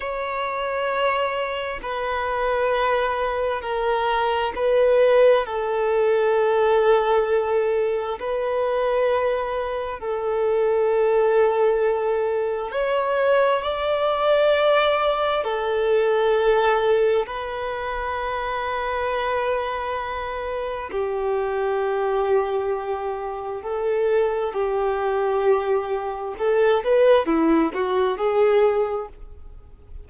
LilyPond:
\new Staff \with { instrumentName = "violin" } { \time 4/4 \tempo 4 = 66 cis''2 b'2 | ais'4 b'4 a'2~ | a'4 b'2 a'4~ | a'2 cis''4 d''4~ |
d''4 a'2 b'4~ | b'2. g'4~ | g'2 a'4 g'4~ | g'4 a'8 b'8 e'8 fis'8 gis'4 | }